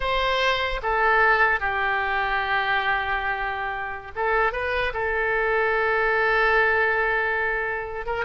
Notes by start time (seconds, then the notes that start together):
0.00 C5
0.82 A4
1.59 G4
4.15 A4
4.52 B4
4.93 A4
8.06 A#4